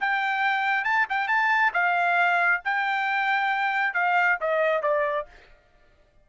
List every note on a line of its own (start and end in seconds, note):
0.00 0.84 G5
0.84 1.06 A5
1.09 1.28 G5
1.28 1.72 A5
1.73 2.61 F5
2.64 3.94 G5
3.94 4.38 F5
4.40 4.82 D#5
4.82 5.26 D5